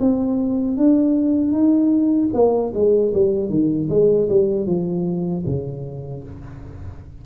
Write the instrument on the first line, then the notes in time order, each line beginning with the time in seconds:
tuba
0.00 C4
0.77 D4
1.52 D#4
2.33 A#3
2.74 G#3
3.14 G3
3.49 D#3
3.90 G#3
4.29 G3
4.66 F3
5.46 C#3